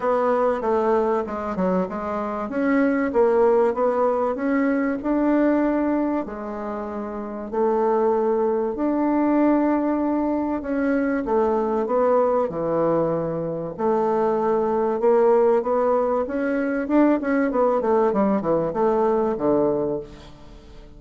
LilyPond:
\new Staff \with { instrumentName = "bassoon" } { \time 4/4 \tempo 4 = 96 b4 a4 gis8 fis8 gis4 | cis'4 ais4 b4 cis'4 | d'2 gis2 | a2 d'2~ |
d'4 cis'4 a4 b4 | e2 a2 | ais4 b4 cis'4 d'8 cis'8 | b8 a8 g8 e8 a4 d4 | }